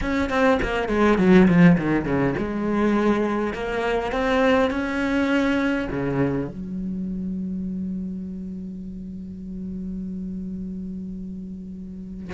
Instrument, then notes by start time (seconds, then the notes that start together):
cello
0.01 C#4
0.29 C4
0.62 A#3
0.88 G#3
1.18 F#3
1.47 F3
1.77 D#3
2.05 C#3
2.38 G#3
3.53 A#3
4.11 C4
4.70 C#4
5.91 C#3
6.47 F#3